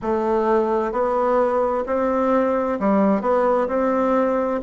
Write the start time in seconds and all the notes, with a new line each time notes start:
0.02 A3
0.91 B3
1.86 C4
2.79 G3
3.21 B3
3.68 C4